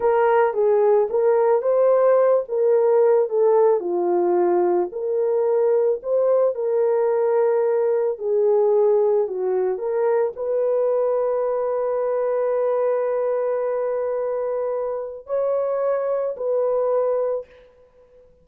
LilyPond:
\new Staff \with { instrumentName = "horn" } { \time 4/4 \tempo 4 = 110 ais'4 gis'4 ais'4 c''4~ | c''8 ais'4. a'4 f'4~ | f'4 ais'2 c''4 | ais'2. gis'4~ |
gis'4 fis'4 ais'4 b'4~ | b'1~ | b'1 | cis''2 b'2 | }